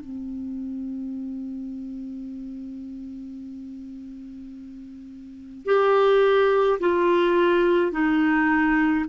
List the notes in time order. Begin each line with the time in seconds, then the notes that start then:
0.00 C4
5.66 G4
6.80 F4
7.91 D#4